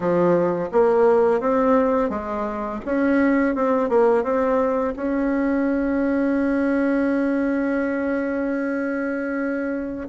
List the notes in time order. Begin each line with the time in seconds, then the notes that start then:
0.00 F3
0.72 A#3
1.40 C4
2.09 G#3
2.85 C#4
3.55 C4
3.89 A#3
4.23 C4
4.96 C#4